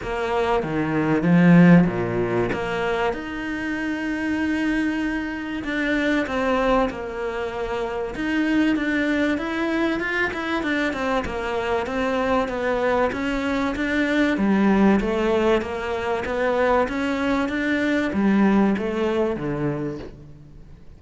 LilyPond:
\new Staff \with { instrumentName = "cello" } { \time 4/4 \tempo 4 = 96 ais4 dis4 f4 ais,4 | ais4 dis'2.~ | dis'4 d'4 c'4 ais4~ | ais4 dis'4 d'4 e'4 |
f'8 e'8 d'8 c'8 ais4 c'4 | b4 cis'4 d'4 g4 | a4 ais4 b4 cis'4 | d'4 g4 a4 d4 | }